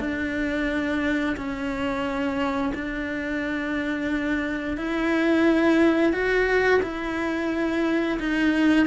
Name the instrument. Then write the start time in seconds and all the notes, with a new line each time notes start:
cello
0.00 D4
1.37 C#4
2.75 D4
4.78 E4
6.13 F#4
6.83 E4
8.20 D#4